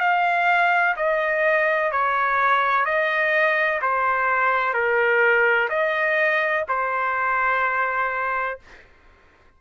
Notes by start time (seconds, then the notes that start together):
0.00 F5
0.96 D#5
1.92 C#5
2.85 D#5
3.81 C5
4.74 A#4
5.69 D#5
6.68 C5